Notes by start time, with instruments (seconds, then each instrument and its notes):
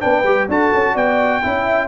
0.00 tuba B3, trombone D4, horn B4, trumpet G5
0.23 tuba G3, trombone G4
0.49 tuba D4, trombone F#4, horn A4, trumpet A5
0.74 tuba C#4
0.93 tuba B3, horn D5, trumpet G5
1.43 tuba C#4, trombone E4, horn E5